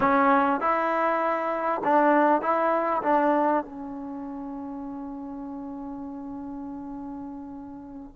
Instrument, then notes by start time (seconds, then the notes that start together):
trombone
0.00 C#4
0.60 E4
1.83 D4
2.41 E4
3.02 D4
3.63 C#4